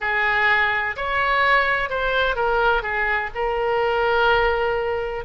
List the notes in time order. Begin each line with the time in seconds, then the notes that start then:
0.00 G#4
0.96 C#5
1.89 C5
2.35 A#4
2.82 G#4
3.34 A#4